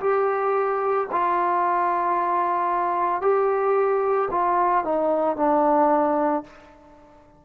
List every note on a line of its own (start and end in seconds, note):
0.00 1.07 G4
1.12 3.21 F4
3.21 4.29 G4
4.31 4.84 F4
4.84 5.36 D#4
5.36 6.43 D4